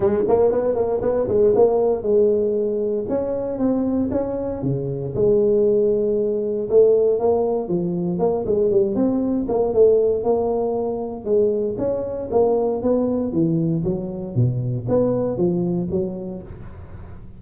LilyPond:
\new Staff \with { instrumentName = "tuba" } { \time 4/4 \tempo 4 = 117 gis8 ais8 b8 ais8 b8 gis8 ais4 | gis2 cis'4 c'4 | cis'4 cis4 gis2~ | gis4 a4 ais4 f4 |
ais8 gis8 g8 c'4 ais8 a4 | ais2 gis4 cis'4 | ais4 b4 e4 fis4 | b,4 b4 f4 fis4 | }